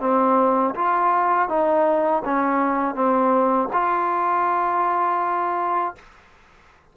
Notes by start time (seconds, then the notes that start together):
0.00 C4
0.74 F4
1.48 D#4
2.25 C#4
2.95 C4
3.73 F4